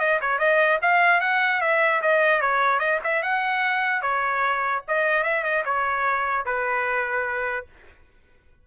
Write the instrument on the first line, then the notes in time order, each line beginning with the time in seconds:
trumpet
0.00 D#5
0.21 C#5
0.39 D#5
0.82 F5
1.21 F#5
1.61 E5
2.02 D#5
2.41 C#5
2.80 D#5
3.04 E5
3.23 F#5
4.02 C#5
4.88 D#5
5.24 E5
5.44 D#5
5.66 C#5
6.46 B4